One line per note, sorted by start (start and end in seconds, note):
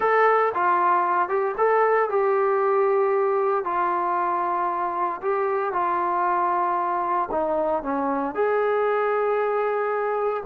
0.00 0.52 A4
0.54 1.29 F4
1.29 1.55 G4
1.57 2.09 A4
2.09 3.64 G4
3.64 5.21 F4
5.21 5.72 G4
5.72 7.29 F4
7.31 7.83 D#4
7.83 8.34 C#4
8.34 10.43 G#4